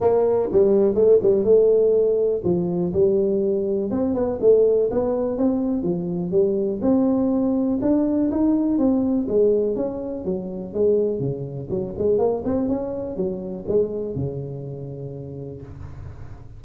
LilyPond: \new Staff \with { instrumentName = "tuba" } { \time 4/4 \tempo 4 = 123 ais4 g4 a8 g8 a4~ | a4 f4 g2 | c'8 b8 a4 b4 c'4 | f4 g4 c'2 |
d'4 dis'4 c'4 gis4 | cis'4 fis4 gis4 cis4 | fis8 gis8 ais8 c'8 cis'4 fis4 | gis4 cis2. | }